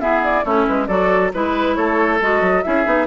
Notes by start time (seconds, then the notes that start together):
0.00 B3 E4 G#4 E5
0.23 D5
0.45 A3 C#4 E4 C#5
0.68 G#3 B4
0.87 F#3 F#4 A4 D5
1.33 G#3 E4 B4
1.75 A3 A4 C#5
2.21 G#3 F#4 D#5
2.41 F#3
2.63 C#4 E4 G#4 E5
2.85 B3 D#4